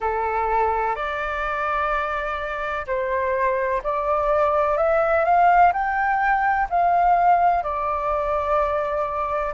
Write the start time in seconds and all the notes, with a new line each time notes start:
0.00 A4
0.95 D5
2.86 C5
3.83 D5
4.77 E5
5.24 F5
5.72 G5
6.69 F5
7.63 D5